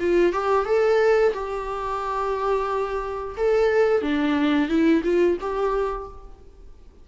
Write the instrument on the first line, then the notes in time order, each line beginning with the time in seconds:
viola
0.00 F4
0.33 G4
0.66 A4
1.33 G4
3.37 A4
4.02 D4
4.69 E4
5.04 F4
5.41 G4